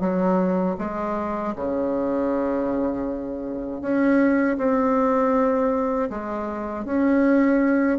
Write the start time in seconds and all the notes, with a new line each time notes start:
0.00 F#3
0.78 G#3
1.56 C#3
3.81 C#4
4.57 C4
6.10 G#3
6.85 C#4